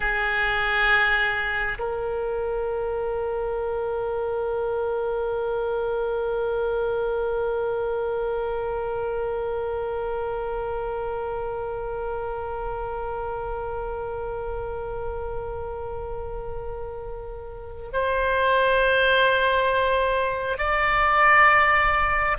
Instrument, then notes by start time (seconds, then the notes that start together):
oboe
0.00 G#4
1.78 A#4
17.92 C5
20.58 D5